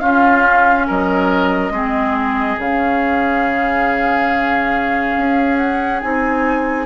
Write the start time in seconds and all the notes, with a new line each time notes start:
0.00 C#4 F4 F5
0.87 F#3 A#4 D#5
1.70 G#3 C4 G#4
2.58 C#3 C#4 F5
5.17 C#4
5.57 F#5
6.01 C4 D#4 G#5